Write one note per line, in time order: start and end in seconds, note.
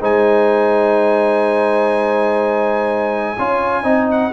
0.00 3.37 G#3
0.00 3.36 D#4
0.00 3.36 C5
0.00 4.11 G#5
3.38 3.83 C#4
3.38 3.83 F4
3.38 3.84 C#5
3.83 4.31 C4
3.83 4.31 D#4
3.83 4.32 D#5
4.11 4.32 F#5